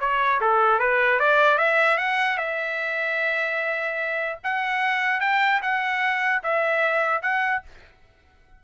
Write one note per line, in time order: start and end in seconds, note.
0.00 0.40 C#5
0.41 0.79 A4
0.79 1.19 B4
1.19 1.58 D5
1.58 1.98 E5
1.98 2.37 F#5
2.37 4.39 E5
4.43 5.20 F#5
5.20 5.61 G5
5.62 6.42 F#5
6.43 7.22 E5
7.22 7.62 F#5